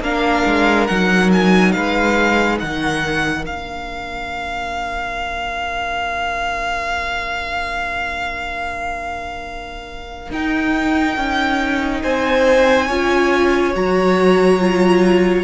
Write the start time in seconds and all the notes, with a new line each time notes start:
0.00 A#3 D4 A#4 F5
0.46 G#3
0.87 F#3 D#4 F#5
1.32 G#5
1.72 G#3 B4 F5
2.59 D#3 A#4 F#5
3.44 A#3 D4 F5
10.31 D#4 G5
11.16 C#4
12.02 C4 C5 G#5
12.87 C#4 F4 C#5
13.73 F#3 F#4 A#5
14.59 F4